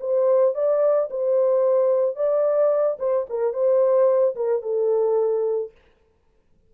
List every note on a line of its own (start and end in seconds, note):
0.00 0.54 C5
0.54 1.09 D5
1.10 2.15 C5
2.15 2.97 D5
2.99 3.26 C5
3.29 3.53 A#4
3.53 4.35 C5
4.35 4.62 A#4
4.62 5.71 A4